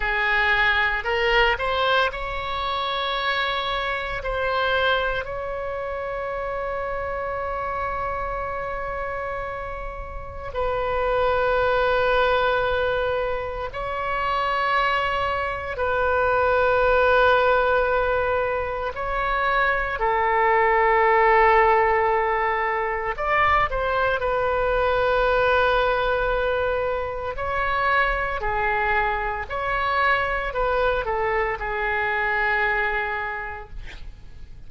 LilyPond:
\new Staff \with { instrumentName = "oboe" } { \time 4/4 \tempo 4 = 57 gis'4 ais'8 c''8 cis''2 | c''4 cis''2.~ | cis''2 b'2~ | b'4 cis''2 b'4~ |
b'2 cis''4 a'4~ | a'2 d''8 c''8 b'4~ | b'2 cis''4 gis'4 | cis''4 b'8 a'8 gis'2 | }